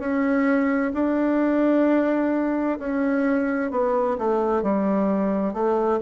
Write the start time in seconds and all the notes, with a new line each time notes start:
0.00 C#4
0.94 D4
2.79 C#4
3.71 B3
4.18 A3
4.63 G3
5.53 A3